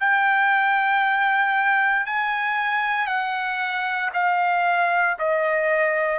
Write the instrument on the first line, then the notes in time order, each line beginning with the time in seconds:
trumpet
0.00 G5
2.05 G#5
3.07 F#5
4.13 F5
5.19 D#5